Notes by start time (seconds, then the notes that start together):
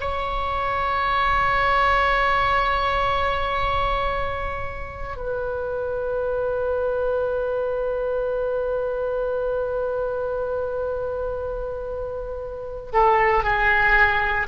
0.00 C#5
5.16 B4
12.93 A4
13.43 G#4